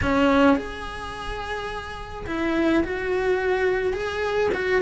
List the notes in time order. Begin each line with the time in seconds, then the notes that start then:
0.02 C#4
0.56 G#4
2.26 E4
2.84 F#4
3.93 G#4
4.54 F#4